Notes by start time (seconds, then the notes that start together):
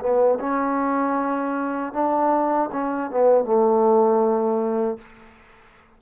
0.00 B3
0.40 C#4
1.93 D4
2.72 C#4
3.11 B3
3.45 A3